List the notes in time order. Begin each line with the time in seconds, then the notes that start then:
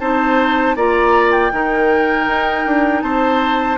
0.00 C4 D#4 C5 A5
0.76 A#3 F4 D5 A#5
1.31 G5
1.52 D#3 D#4 A#4
2.27 D#4
2.66 D4
3.02 C4 C5 A5